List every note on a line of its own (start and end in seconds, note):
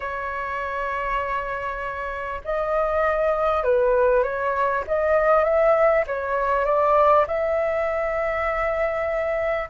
0.00 2.41 C#5
2.44 3.63 D#5
3.63 4.23 B4
4.23 4.83 C#5
4.87 5.44 D#5
5.44 6.04 E5
6.06 6.65 C#5
6.65 7.25 D5
7.27 9.69 E5